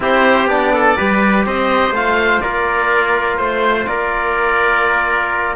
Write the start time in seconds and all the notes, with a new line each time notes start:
0.00 C4 E4 G4 C5
0.46 B3 D4 D5
0.73 A4
0.96 G3 G4 B4
1.45 C4 C5 D#5
1.90 A3 F4 F5
2.40 A#3 A#4 D5
3.36 A3 C5
3.86 A#3 A#4 D5